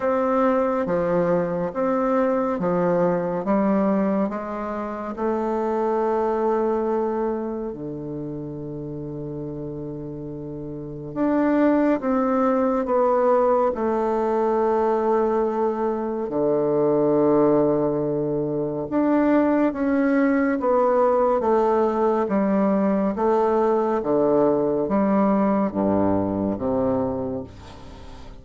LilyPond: \new Staff \with { instrumentName = "bassoon" } { \time 4/4 \tempo 4 = 70 c'4 f4 c'4 f4 | g4 gis4 a2~ | a4 d2.~ | d4 d'4 c'4 b4 |
a2. d4~ | d2 d'4 cis'4 | b4 a4 g4 a4 | d4 g4 g,4 c4 | }